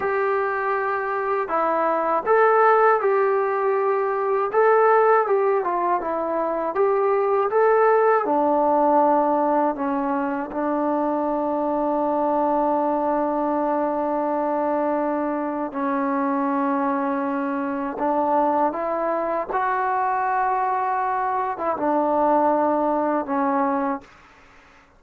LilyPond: \new Staff \with { instrumentName = "trombone" } { \time 4/4 \tempo 4 = 80 g'2 e'4 a'4 | g'2 a'4 g'8 f'8 | e'4 g'4 a'4 d'4~ | d'4 cis'4 d'2~ |
d'1~ | d'4 cis'2. | d'4 e'4 fis'2~ | fis'8. e'16 d'2 cis'4 | }